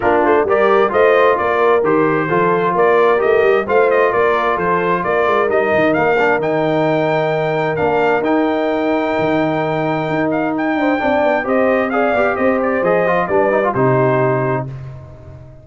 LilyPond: <<
  \new Staff \with { instrumentName = "trumpet" } { \time 4/4 \tempo 4 = 131 ais'8 c''8 d''4 dis''4 d''4 | c''2 d''4 dis''4 | f''8 dis''8 d''4 c''4 d''4 | dis''4 f''4 g''2~ |
g''4 f''4 g''2~ | g''2~ g''8 f''8 g''4~ | g''4 dis''4 f''4 dis''8 d''8 | dis''4 d''4 c''2 | }
  \new Staff \with { instrumentName = "horn" } { \time 4/4 f'4 ais'4 c''4 ais'4~ | ais'4 a'4 ais'2 | c''4 ais'4 a'4 ais'4~ | ais'1~ |
ais'1~ | ais'2.~ ais'8 c''8 | d''4 c''4 d''4 c''4~ | c''4 b'4 g'2 | }
  \new Staff \with { instrumentName = "trombone" } { \time 4/4 d'4 g'4 f'2 | g'4 f'2 g'4 | f'1 | dis'4. d'8 dis'2~ |
dis'4 d'4 dis'2~ | dis'1 | d'4 g'4 gis'8 g'4. | gis'8 f'8 d'8 dis'16 f'16 dis'2 | }
  \new Staff \with { instrumentName = "tuba" } { \time 4/4 ais8 a8 g4 a4 ais4 | dis4 f4 ais4 a8 g8 | a4 ais4 f4 ais8 gis8 | g8 dis8 ais4 dis2~ |
dis4 ais4 dis'2 | dis2 dis'4. d'8 | c'8 b8 c'4. b8 c'4 | f4 g4 c2 | }
>>